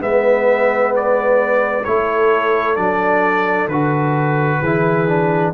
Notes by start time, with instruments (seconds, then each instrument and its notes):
0.00 tuba G#3, trombone B3, horn B4, trumpet E5
0.96 trumpet D5
1.85 tuba A3, trombone E4, horn A4, trumpet C#5
2.76 tuba F#3, trombone D4, trumpet D5
3.68 tuba D3, trombone F#4, trumpet B4
4.60 tuba E3, trombone E4, horn G#4
5.08 trombone D4